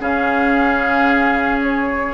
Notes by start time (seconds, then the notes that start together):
0.00 C#3 C#4 G#4 F5
1.62 C#5